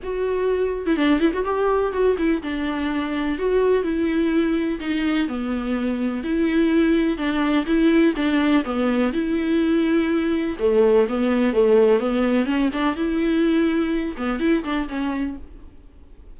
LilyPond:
\new Staff \with { instrumentName = "viola" } { \time 4/4 \tempo 4 = 125 fis'4.~ fis'16 e'16 d'8 e'16 fis'16 g'4 | fis'8 e'8 d'2 fis'4 | e'2 dis'4 b4~ | b4 e'2 d'4 |
e'4 d'4 b4 e'4~ | e'2 a4 b4 | a4 b4 cis'8 d'8 e'4~ | e'4. b8 e'8 d'8 cis'4 | }